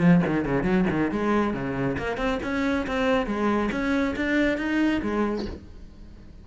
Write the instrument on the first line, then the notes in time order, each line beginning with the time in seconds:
cello
0.00 F3
0.27 D#3
0.46 C#3
0.64 F#3
0.91 D#3
1.11 G#3
1.54 C#3
1.98 A#3
2.17 C4
2.43 C#4
2.87 C4
3.26 G#3
3.72 C#4
4.16 D4
4.58 D#4
5.02 G#3